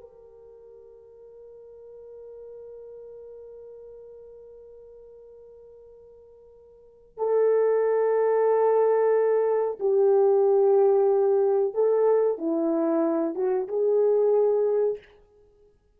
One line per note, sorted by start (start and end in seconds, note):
0.00 7.17 A#4
7.17 9.78 A4
9.79 11.74 G4
11.74 12.38 A4
12.38 13.35 E4
13.35 13.67 F#4
13.67 14.98 G#4